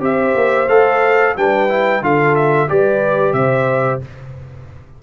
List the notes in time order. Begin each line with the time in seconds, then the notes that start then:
0.00 C4 G4 C5 E5
0.35 A#3
0.68 A3 A4 F5
1.36 G3 D4 B4 G5
1.68 E4
2.01 D3 F4 A4 F5
2.35 E5
2.68 G3 G4 B4 D5
3.32 C3 C5 E5